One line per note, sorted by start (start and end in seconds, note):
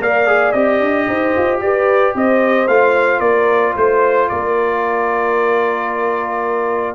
0.00 0.53 A#3
0.00 0.27 A#4
0.00 1.07 D5
0.00 0.52 F5
0.27 0.54 G#4
0.52 0.80 C4
0.52 2.68 G4
0.52 1.59 D#5
0.80 1.07 D4
1.08 1.35 D#4
1.08 1.61 C5
1.37 1.61 F4
1.61 2.15 G4
1.61 2.15 B4
1.61 2.14 D5
2.15 2.68 C4
2.15 3.21 C5
2.15 2.68 D#5
2.68 3.20 A3
2.68 6.95 F4
2.68 3.20 F5
3.20 3.73 A#3
3.20 3.74 A#4
3.20 3.74 D5
3.75 4.30 A3
3.75 4.29 C5
4.29 6.95 A#3
4.29 6.95 A#4
4.29 6.95 D5